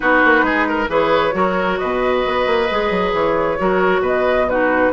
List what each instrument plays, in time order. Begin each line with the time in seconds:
0.00 bassoon B3, clarinet D#4, oboe F#4, flute B4
0.24 bassoon A#3
0.42 bassoon G#3, oboe G#4
0.68 oboe A#4
0.88 bassoon E3, clarinet G#4, oboe B4, flute C#5
1.31 bassoon F#3, clarinet F#4, oboe A#4
1.77 bassoon B2, oboe B4, flute D#5
2.26 bassoon B3
2.46 bassoon A#3
2.70 bassoon G#3, clarinet G#4
2.90 bassoon F#3
3.13 bassoon E3, flute C#5
3.58 bassoon F#3, clarinet F#4, oboe A#4
3.99 bassoon B2, oboe B4, flute D#5
4.48 clarinet D#4, oboe F#4, flute B4